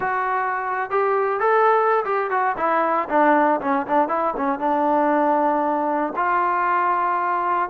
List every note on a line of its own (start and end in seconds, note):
0.00 0.90 F#4
0.90 1.40 G4
1.40 2.04 A4
2.04 2.30 G4
2.30 2.55 F#4
2.57 3.08 E4
3.09 3.60 D4
3.60 3.86 C#4
3.86 4.08 D4
4.08 4.34 E4
4.36 4.59 C#4
4.59 6.13 D4
6.15 7.69 F4